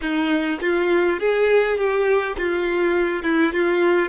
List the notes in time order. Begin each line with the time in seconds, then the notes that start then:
0.01 D#4
0.61 F4
1.19 G#4
1.77 G4
2.37 F4
3.23 E4
3.53 F4